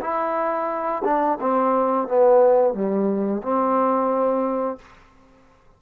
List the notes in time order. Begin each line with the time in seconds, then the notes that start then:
0.00 E4
1.04 D4
1.40 C4
2.07 B3
2.74 G3
3.42 C4